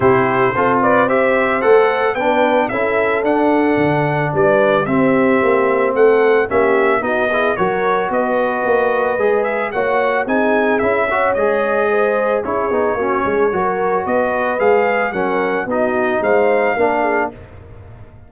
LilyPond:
<<
  \new Staff \with { instrumentName = "trumpet" } { \time 4/4 \tempo 4 = 111 c''4. d''8 e''4 fis''4 | g''4 e''4 fis''2 | d''4 e''2 fis''4 | e''4 dis''4 cis''4 dis''4~ |
dis''4. e''8 fis''4 gis''4 | e''4 dis''2 cis''4~ | cis''2 dis''4 f''4 | fis''4 dis''4 f''2 | }
  \new Staff \with { instrumentName = "horn" } { \time 4/4 g'4 a'8 b'8 c''2 | b'4 a'2. | b'4 g'2 a'4 | g'4 fis'8 gis'8 ais'4 b'4~ |
b'2 cis''4 gis'4~ | gis'8 cis''4. c''4 gis'4 | fis'8 gis'8 ais'4 b'2 | ais'4 fis'4 c''4 ais'8 gis'8 | }
  \new Staff \with { instrumentName = "trombone" } { \time 4/4 e'4 f'4 g'4 a'4 | d'4 e'4 d'2~ | d'4 c'2. | cis'4 dis'8 e'8 fis'2~ |
fis'4 gis'4 fis'4 dis'4 | e'8 fis'8 gis'2 e'8 dis'8 | cis'4 fis'2 gis'4 | cis'4 dis'2 d'4 | }
  \new Staff \with { instrumentName = "tuba" } { \time 4/4 c4 c'2 a4 | b4 cis'4 d'4 d4 | g4 c'4 ais4 a4 | ais4 b4 fis4 b4 |
ais4 gis4 ais4 c'4 | cis'4 gis2 cis'8 b8 | ais8 gis8 fis4 b4 gis4 | fis4 b4 gis4 ais4 | }
>>